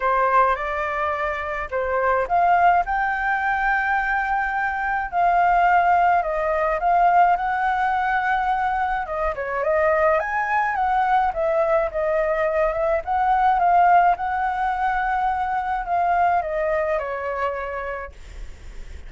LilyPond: \new Staff \with { instrumentName = "flute" } { \time 4/4 \tempo 4 = 106 c''4 d''2 c''4 | f''4 g''2.~ | g''4 f''2 dis''4 | f''4 fis''2. |
dis''8 cis''8 dis''4 gis''4 fis''4 | e''4 dis''4. e''8 fis''4 | f''4 fis''2. | f''4 dis''4 cis''2 | }